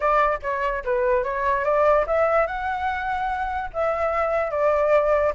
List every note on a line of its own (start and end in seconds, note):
0.00 0.39 D5
0.42 0.83 C#5
0.84 1.23 B4
1.23 1.64 C#5
1.64 2.05 D5
2.07 2.47 E5
2.47 3.70 F#5
3.73 4.51 E5
4.51 5.33 D5